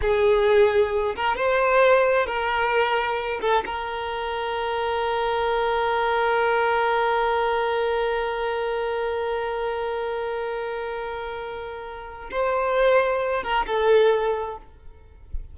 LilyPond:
\new Staff \with { instrumentName = "violin" } { \time 4/4 \tempo 4 = 132 gis'2~ gis'8 ais'8 c''4~ | c''4 ais'2~ ais'8 a'8 | ais'1~ | ais'1~ |
ais'1~ | ais'1~ | ais'2. c''4~ | c''4. ais'8 a'2 | }